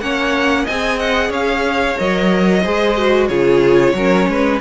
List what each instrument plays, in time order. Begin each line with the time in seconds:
0.00 cello A#3, viola C#4, violin C#5 F#5
0.63 cello C4, viola G#4, violin D#5 G#5
0.99 violin F#5
1.29 cello C#4, violin C#5 F5
1.97 cello F#3, viola A#4, violin D#5
2.61 cello G#3, viola G#4, violin C5
2.97 viola F#4
3.27 cello C#3, viola F4, violin G#4 C#5
3.93 cello F#3, viola C#4, violin A#4
4.27 cello G#3, violin B4